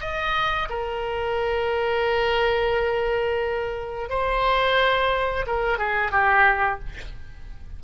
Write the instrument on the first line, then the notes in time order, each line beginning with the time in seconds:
oboe
0.00 D#5
0.69 A#4
4.09 C5
5.46 A#4
5.78 G#4
6.11 G4